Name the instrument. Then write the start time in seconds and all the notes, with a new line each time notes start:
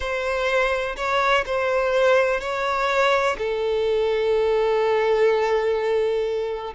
violin
0.00 C5
0.96 C#5
1.46 C5
2.40 C#5
3.38 A4